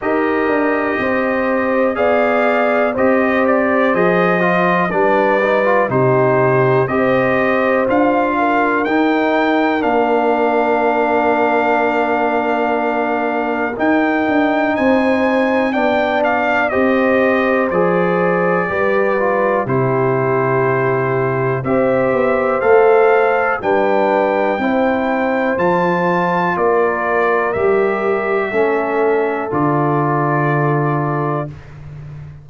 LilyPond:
<<
  \new Staff \with { instrumentName = "trumpet" } { \time 4/4 \tempo 4 = 61 dis''2 f''4 dis''8 d''8 | dis''4 d''4 c''4 dis''4 | f''4 g''4 f''2~ | f''2 g''4 gis''4 |
g''8 f''8 dis''4 d''2 | c''2 e''4 f''4 | g''2 a''4 d''4 | e''2 d''2 | }
  \new Staff \with { instrumentName = "horn" } { \time 4/4 ais'4 c''4 d''4 c''4~ | c''4 b'4 g'4 c''4~ | c''8 ais'2.~ ais'8~ | ais'2. c''4 |
d''4 c''2 b'4 | g'2 c''2 | b'4 c''2 ais'4~ | ais'4 a'2. | }
  \new Staff \with { instrumentName = "trombone" } { \time 4/4 g'2 gis'4 g'4 | gis'8 f'8 d'8 dis'16 f'16 dis'4 g'4 | f'4 dis'4 d'2~ | d'2 dis'2 |
d'4 g'4 gis'4 g'8 f'8 | e'2 g'4 a'4 | d'4 e'4 f'2 | g'4 cis'4 f'2 | }
  \new Staff \with { instrumentName = "tuba" } { \time 4/4 dis'8 d'8 c'4 b4 c'4 | f4 g4 c4 c'4 | d'4 dis'4 ais2~ | ais2 dis'8 d'8 c'4 |
b4 c'4 f4 g4 | c2 c'8 b8 a4 | g4 c'4 f4 ais4 | g4 a4 d2 | }
>>